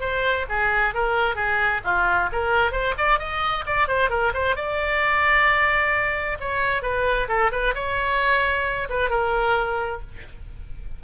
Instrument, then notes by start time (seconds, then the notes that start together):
oboe
0.00 C5
0.49 G#4
0.94 A#4
1.35 G#4
1.84 F4
2.32 A#4
2.71 C5
2.98 D5
3.19 D#5
3.66 D5
3.88 C5
4.10 A#4
4.34 C5
4.56 D5
6.40 C#5
6.82 B4
7.28 A4
7.51 B4
7.74 C#5
8.89 B4
9.10 A#4